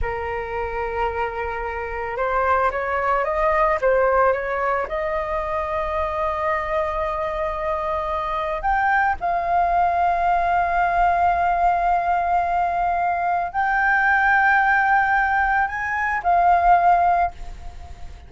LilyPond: \new Staff \with { instrumentName = "flute" } { \time 4/4 \tempo 4 = 111 ais'1 | c''4 cis''4 dis''4 c''4 | cis''4 dis''2.~ | dis''1 |
g''4 f''2.~ | f''1~ | f''4 g''2.~ | g''4 gis''4 f''2 | }